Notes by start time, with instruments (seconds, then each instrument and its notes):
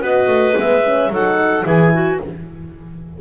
0.00 double bass B3, horn F#4, clarinet B4 D#5
0.27 double bass A3
0.56 double bass G#3, horn B3, clarinet E5
0.85 horn C#4
1.09 double bass F#3, horn D#4, clarinet A4 F#5
1.63 double bass E3, horn E4, clarinet G#4 G#5
1.93 clarinet F#4